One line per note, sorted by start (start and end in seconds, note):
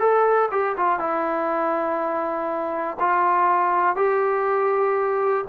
0.00 0.50 A4
0.52 0.76 G4
0.77 1.00 F4
1.00 2.98 E4
3.00 3.97 F4
3.97 5.45 G4